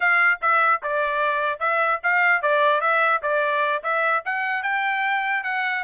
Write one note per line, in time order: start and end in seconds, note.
0.00 0.40 F5
0.41 0.81 E5
0.83 1.59 D5
1.59 2.00 E5
2.03 2.41 F5
2.41 2.80 D5
2.80 3.20 E5
3.22 3.82 D5
3.83 4.23 E5
4.25 4.63 F#5
4.63 5.43 G5
5.43 5.83 F#5